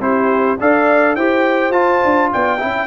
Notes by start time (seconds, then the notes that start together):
0.00 C4 E4 G4 C5
0.59 D4 A4 D5 F5
1.16 E4 G4 C5 G5
1.70 F4 A5
2.04 D4
2.33 B3 D5 G5
2.59 C#4 E4 E5